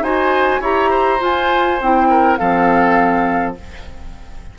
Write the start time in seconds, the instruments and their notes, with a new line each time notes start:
0.00 bassoon D#4, clarinet F#4, oboe C5, flute G#5
0.61 bassoon E4, clarinet G4, oboe C#5, flute A#5
0.90 oboe C5
1.19 clarinet F4, bassoon F4, flute G#5
1.81 bassoon C4, clarinet E4, flute G5
2.10 oboe A#4
2.37 bassoon F3, clarinet C4, oboe A4, flute F5